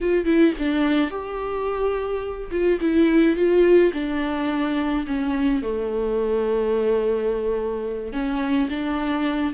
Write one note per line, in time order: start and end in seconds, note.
0.00 0.25 F4
0.25 0.53 E4
0.58 1.10 D4
1.10 2.50 G4
2.51 2.79 F4
2.80 3.36 E4
3.36 3.92 F4
3.93 5.05 D4
5.06 5.62 C#4
5.62 8.13 A3
8.13 8.69 C#4
8.69 9.53 D4